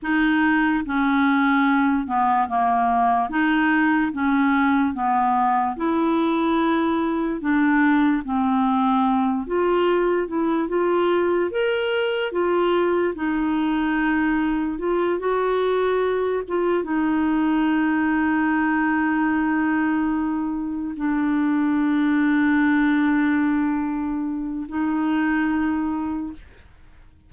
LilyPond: \new Staff \with { instrumentName = "clarinet" } { \time 4/4 \tempo 4 = 73 dis'4 cis'4. b8 ais4 | dis'4 cis'4 b4 e'4~ | e'4 d'4 c'4. f'8~ | f'8 e'8 f'4 ais'4 f'4 |
dis'2 f'8 fis'4. | f'8 dis'2.~ dis'8~ | dis'4. d'2~ d'8~ | d'2 dis'2 | }